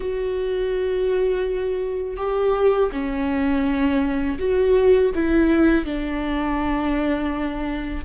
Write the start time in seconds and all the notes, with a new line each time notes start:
0.00 F#4
2.17 G4
2.92 C#4
4.38 F#4
5.14 E4
5.85 D4